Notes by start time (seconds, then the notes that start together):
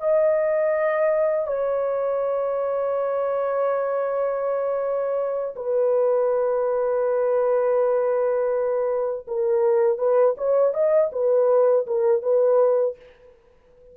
0.00 D#5
1.47 C#5
5.56 B4
9.28 A#4
9.99 B4
10.38 C#5
10.74 D#5
11.12 B4
11.87 A#4
12.22 B4